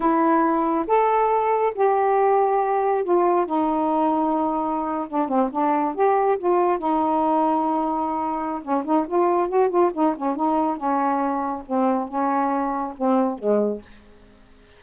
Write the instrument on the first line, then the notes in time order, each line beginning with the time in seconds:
saxophone
0.00 E4
0.87 A4
1.74 G4
3.04 F4
3.46 D#4
5.08 D4
5.28 C4
5.51 D4
5.94 G4
6.38 F4
6.78 D#4
8.62 C#4
8.84 D#4
9.07 F4
9.48 F#4
9.69 F4
9.93 D#4
10.16 C#4
10.36 D#4
10.76 C#4
11.66 C4
12.07 C#4
12.97 C4
13.38 G#3